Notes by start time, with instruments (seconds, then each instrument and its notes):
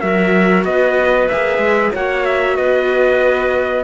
0.00 cello F#3, viola F#4, clarinet A#4, trumpet E5
0.64 cello B3, clarinet B4, trumpet D#5
1.28 cello A#3, viola G#4, trumpet E5
1.58 cello G#3
1.92 cello A#3, viola F#4, clarinet C#5, trumpet F#5
2.25 trumpet E5
2.56 cello B3, clarinet B4, trumpet D#5